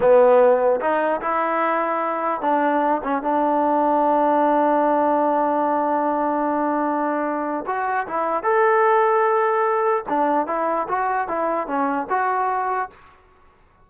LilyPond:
\new Staff \with { instrumentName = "trombone" } { \time 4/4 \tempo 4 = 149 b2 dis'4 e'4~ | e'2 d'4. cis'8 | d'1~ | d'1~ |
d'2. fis'4 | e'4 a'2.~ | a'4 d'4 e'4 fis'4 | e'4 cis'4 fis'2 | }